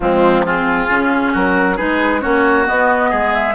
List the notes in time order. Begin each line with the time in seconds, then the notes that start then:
0.00 F3 G#3 C4 F4
0.44 C4 F4 G#4
0.89 C#3 C#4
1.32 F#3 F#4 A#4
1.76 G#3 D#4 G#4 B4
2.21 A#3 C#4 F#4 C#5
2.65 B3 D#5
3.09 G#3 G#4
3.34 E5